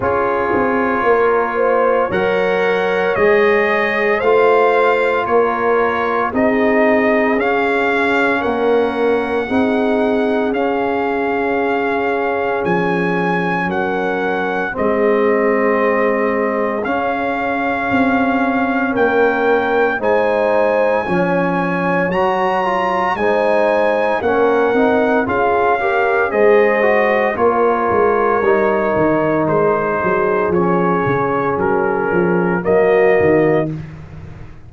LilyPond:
<<
  \new Staff \with { instrumentName = "trumpet" } { \time 4/4 \tempo 4 = 57 cis''2 fis''4 dis''4 | f''4 cis''4 dis''4 f''4 | fis''2 f''2 | gis''4 fis''4 dis''2 |
f''2 g''4 gis''4~ | gis''4 ais''4 gis''4 fis''4 | f''4 dis''4 cis''2 | c''4 cis''4 ais'4 dis''4 | }
  \new Staff \with { instrumentName = "horn" } { \time 4/4 gis'4 ais'8 c''8 cis''2 | c''4 ais'4 gis'2 | ais'4 gis'2.~ | gis'4 ais'4 gis'2~ |
gis'2 ais'4 c''4 | cis''2 c''4 ais'4 | gis'8 ais'8 c''4 ais'2~ | ais'8 gis'2~ gis'8 fis'4 | }
  \new Staff \with { instrumentName = "trombone" } { \time 4/4 f'2 ais'4 gis'4 | f'2 dis'4 cis'4~ | cis'4 dis'4 cis'2~ | cis'2 c'2 |
cis'2. dis'4 | cis'4 fis'8 f'8 dis'4 cis'8 dis'8 | f'8 g'8 gis'8 fis'8 f'4 dis'4~ | dis'4 cis'2 ais4 | }
  \new Staff \with { instrumentName = "tuba" } { \time 4/4 cis'8 c'8 ais4 fis4 gis4 | a4 ais4 c'4 cis'4 | ais4 c'4 cis'2 | f4 fis4 gis2 |
cis'4 c'4 ais4 gis4 | f4 fis4 gis4 ais8 c'8 | cis'4 gis4 ais8 gis8 g8 dis8 | gis8 fis8 f8 cis8 fis8 f8 fis8 dis8 | }
>>